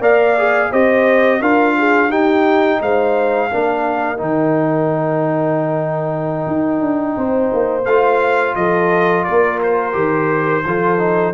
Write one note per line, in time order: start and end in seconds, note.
0.00 0.70 A#3
0.00 0.37 A#4
0.00 0.71 D5
0.00 0.73 F5
0.38 0.73 G#4
0.71 1.41 C4
0.71 1.41 G4
0.71 1.41 C5
0.71 1.42 D#5
1.41 2.09 D4
1.41 2.11 F4
1.41 1.76 A#4
1.41 2.12 F5
1.78 2.10 G#4
2.09 2.79 D#4
2.09 3.50 D#4
2.09 2.80 G4
2.09 2.81 G5
2.81 3.51 G#3
2.81 3.51 C5
2.81 4.20 F5
3.51 4.21 A#3
3.51 4.17 D4
3.51 7.17 A#4
4.17 6.47 D#3
4.17 7.84 D#4
4.17 7.85 G5
6.47 6.81 D#4
6.81 7.16 D4
7.17 7.52 C4
7.17 8.57 C5
7.53 7.85 A#3
7.85 8.55 A3
7.85 9.93 F4
7.85 8.55 F5
8.55 9.26 F3
8.55 9.26 A4
8.55 9.24 D#5
9.24 9.95 A#3
9.24 10.66 A#4
9.24 9.59 D5
9.63 11.35 C5
9.93 10.65 D#3
9.93 10.63 G4
10.66 11.35 F3
10.66 10.99 F4
10.66 11.35 A4
10.99 11.34 D#4